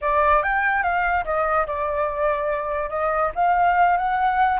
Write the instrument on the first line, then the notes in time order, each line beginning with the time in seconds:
flute
0.01 D5
0.42 G5
0.82 F5
1.24 D#5
1.66 D5
2.89 D#5
3.35 F5
3.97 F#5